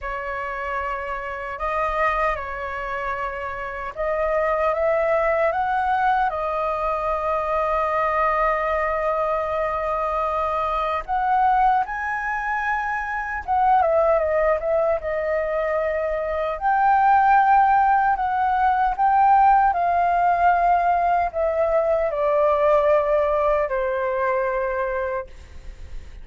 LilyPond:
\new Staff \with { instrumentName = "flute" } { \time 4/4 \tempo 4 = 76 cis''2 dis''4 cis''4~ | cis''4 dis''4 e''4 fis''4 | dis''1~ | dis''2 fis''4 gis''4~ |
gis''4 fis''8 e''8 dis''8 e''8 dis''4~ | dis''4 g''2 fis''4 | g''4 f''2 e''4 | d''2 c''2 | }